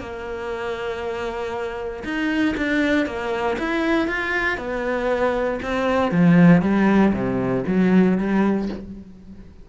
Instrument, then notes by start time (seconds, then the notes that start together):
cello
0.00 A#3
2.04 D#4
2.57 D4
3.06 A#3
3.58 E4
4.08 F4
4.58 B3
5.62 C4
6.11 F3
6.61 G3
7.13 C3
7.67 F#3
8.17 G3